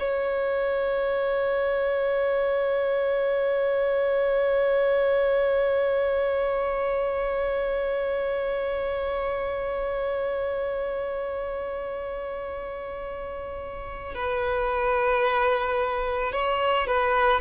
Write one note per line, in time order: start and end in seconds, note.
0.00 14.15 C#5
14.15 16.33 B4
16.33 16.87 C#5
16.88 17.41 B4